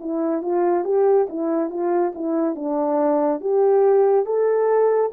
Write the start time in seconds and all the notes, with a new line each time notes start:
0.00 E4
0.42 F4
0.85 G4
1.30 E4
1.70 F4
2.15 E4
2.55 D4
3.41 G4
4.26 A4